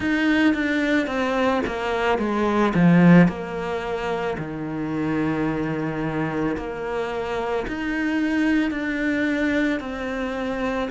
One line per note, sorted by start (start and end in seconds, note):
0.00 0.54 D#4
0.54 1.07 D4
1.07 1.61 C4
1.66 2.18 A#3
2.18 2.73 G#3
2.74 3.27 F3
3.27 4.36 A#3
4.38 6.56 D#3
6.57 7.66 A#3
7.67 8.70 D#4
8.70 9.79 D4
9.79 10.88 C4